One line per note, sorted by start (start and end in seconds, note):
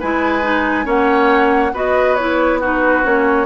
0.00 0.86 G#3
0.00 0.43 E4
0.00 0.86 B4
0.00 0.88 G#5
0.43 0.85 D#4
0.85 1.73 A#3
0.85 1.72 C#4
0.85 1.73 C#5
0.85 1.76 F#5
1.74 3.05 B3
1.74 2.18 F#4
1.74 2.61 B4
1.74 2.16 D#5
2.16 2.62 E4
2.16 2.59 C#5
2.61 3.04 D#4
2.61 3.46 F#4
2.61 3.06 B4
3.04 3.46 A#3
3.04 3.46 C#4
3.04 3.46 C#5